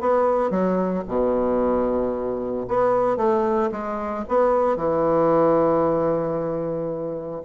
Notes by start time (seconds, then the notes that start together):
0.00 B3
0.50 F#3
1.07 B2
2.68 B3
3.16 A3
3.71 G#3
4.28 B3
4.76 E3